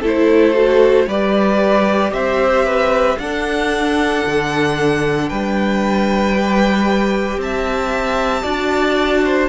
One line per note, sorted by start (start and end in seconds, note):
0.00 1.07 A3
0.00 0.54 E4
0.00 1.05 A4
0.06 1.09 C5
0.54 1.06 F#4
1.07 2.12 G3
1.07 3.20 G4
1.07 2.12 B4
1.07 2.13 D5
2.12 3.17 C4
2.12 2.65 C5
2.12 3.18 E5
2.65 3.18 B4
3.18 4.24 D4
3.18 6.35 D4
3.18 5.29 A4
3.18 5.29 F#5
4.25 5.31 D3
5.29 7.37 G3
5.29 7.39 B4
5.29 7.39 G5
6.35 8.43 G4
7.37 8.42 C4
7.37 9.49 A5
7.43 8.42 E5
8.42 9.49 D4
8.42 9.48 F#4
8.42 9.21 D5
9.24 9.49 C5